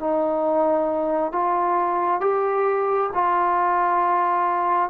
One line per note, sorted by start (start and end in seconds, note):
0.00 1.32 D#4
1.32 2.21 F4
2.21 3.11 G4
3.14 4.90 F4